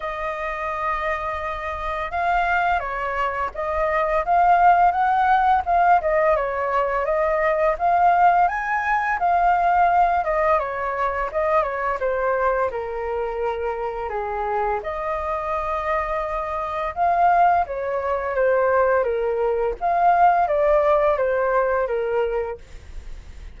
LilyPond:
\new Staff \with { instrumentName = "flute" } { \time 4/4 \tempo 4 = 85 dis''2. f''4 | cis''4 dis''4 f''4 fis''4 | f''8 dis''8 cis''4 dis''4 f''4 | gis''4 f''4. dis''8 cis''4 |
dis''8 cis''8 c''4 ais'2 | gis'4 dis''2. | f''4 cis''4 c''4 ais'4 | f''4 d''4 c''4 ais'4 | }